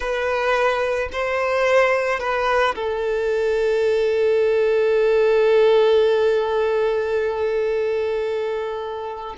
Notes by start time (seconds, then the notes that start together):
0.00 B4
1.12 C5
2.19 B4
2.75 A4